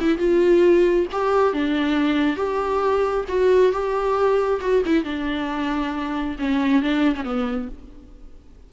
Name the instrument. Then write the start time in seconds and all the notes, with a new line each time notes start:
viola
0.00 E4
0.18 F4
1.12 G4
1.53 D4
2.36 G4
3.28 F#4
3.72 G4
4.61 F#4
4.85 E4
5.04 D4
6.38 C#4
6.82 D4
7.15 C#4
7.24 B3